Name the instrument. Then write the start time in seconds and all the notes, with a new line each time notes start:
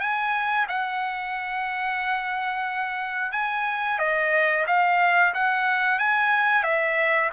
trumpet
0.00 G#5
0.69 F#5
3.32 G#5
3.99 D#5
4.67 F5
5.35 F#5
5.99 G#5
6.64 E5